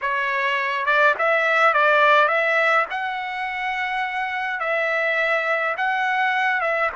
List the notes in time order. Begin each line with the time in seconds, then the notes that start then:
0.01 C#5
0.85 D5
1.18 E5
1.73 D5
2.27 E5
2.90 F#5
4.60 E5
5.77 F#5
6.61 E5